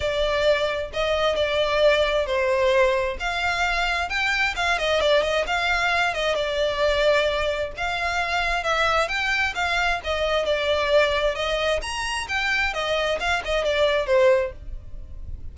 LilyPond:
\new Staff \with { instrumentName = "violin" } { \time 4/4 \tempo 4 = 132 d''2 dis''4 d''4~ | d''4 c''2 f''4~ | f''4 g''4 f''8 dis''8 d''8 dis''8 | f''4. dis''8 d''2~ |
d''4 f''2 e''4 | g''4 f''4 dis''4 d''4~ | d''4 dis''4 ais''4 g''4 | dis''4 f''8 dis''8 d''4 c''4 | }